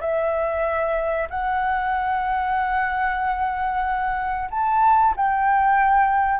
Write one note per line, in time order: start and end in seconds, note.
0.00 1.28 E5
1.30 4.49 F#5
4.50 5.14 A5
5.16 6.39 G5